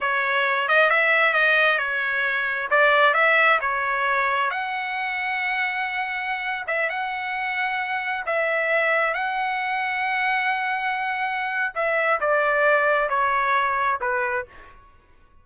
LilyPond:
\new Staff \with { instrumentName = "trumpet" } { \time 4/4 \tempo 4 = 133 cis''4. dis''8 e''4 dis''4 | cis''2 d''4 e''4 | cis''2 fis''2~ | fis''2~ fis''8. e''8 fis''8.~ |
fis''2~ fis''16 e''4.~ e''16~ | e''16 fis''2.~ fis''8.~ | fis''2 e''4 d''4~ | d''4 cis''2 b'4 | }